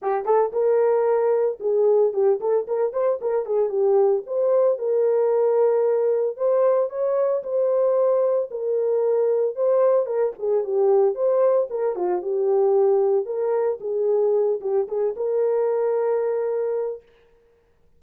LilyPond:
\new Staff \with { instrumentName = "horn" } { \time 4/4 \tempo 4 = 113 g'8 a'8 ais'2 gis'4 | g'8 a'8 ais'8 c''8 ais'8 gis'8 g'4 | c''4 ais'2. | c''4 cis''4 c''2 |
ais'2 c''4 ais'8 gis'8 | g'4 c''4 ais'8 f'8 g'4~ | g'4 ais'4 gis'4. g'8 | gis'8 ais'2.~ ais'8 | }